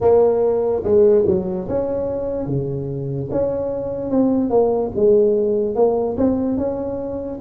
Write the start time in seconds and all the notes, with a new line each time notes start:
0.00 A#3
0.83 G#3
1.27 F#3
1.68 C#4
2.46 C#3
3.31 C#4
4.10 C4
4.50 A#3
4.95 G#3
5.75 A#3
6.16 C4
6.57 C#4